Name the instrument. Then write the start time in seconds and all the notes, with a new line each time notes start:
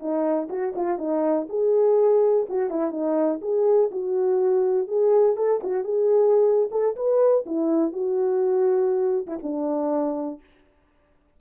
horn
0.00 D#4
0.50 F#4
0.76 F4
0.99 D#4
1.49 G#4
2.50 F#4
2.70 E4
2.92 D#4
3.42 G#4
3.91 F#4
4.88 G#4
5.37 A4
5.63 F#4
5.84 G#4
6.71 A4
6.96 B4
7.46 E4
7.93 F#4
9.27 E4
9.43 D4